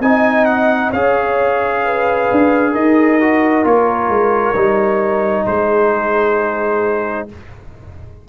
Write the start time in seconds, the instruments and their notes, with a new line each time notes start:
0.00 tuba C4, trombone D#4, horn D#5, trumpet G#5
0.45 trumpet F#5
0.90 tuba C#4, trombone G#4, horn C#5, trumpet F5
1.84 horn B4
2.31 tuba D4
2.72 tuba D#4, horn A#4, trumpet D#5
3.20 trombone F#4
3.63 tuba A#3, trombone F4, trumpet C#5
4.08 tuba G#3
4.55 tuba G3, trombone D#4
5.46 tuba G#3, horn G#4, trumpet C5